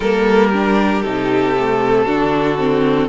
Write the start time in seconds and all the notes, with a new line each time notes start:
0.00 G3 A#3 A4 A#4
0.49 D4 G4
1.02 C3 D#4 A4
1.57 A3
2.05 D3 D4 F#4
2.58 C4